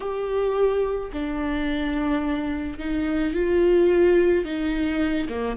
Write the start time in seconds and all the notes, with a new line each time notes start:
0.00 G4
1.13 D4
2.78 D#4
3.33 F4
4.44 D#4
5.28 A#3